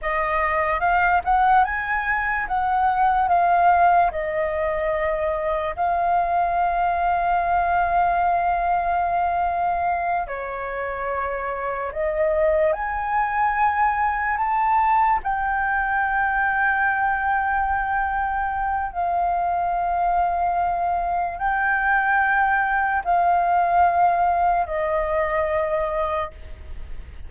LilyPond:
\new Staff \with { instrumentName = "flute" } { \time 4/4 \tempo 4 = 73 dis''4 f''8 fis''8 gis''4 fis''4 | f''4 dis''2 f''4~ | f''1~ | f''8 cis''2 dis''4 gis''8~ |
gis''4. a''4 g''4.~ | g''2. f''4~ | f''2 g''2 | f''2 dis''2 | }